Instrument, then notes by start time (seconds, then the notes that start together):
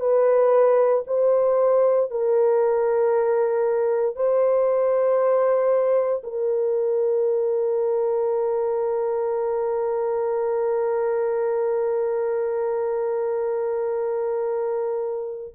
horn
0.00 B4
1.07 C5
2.11 A#4
4.16 C5
6.24 A#4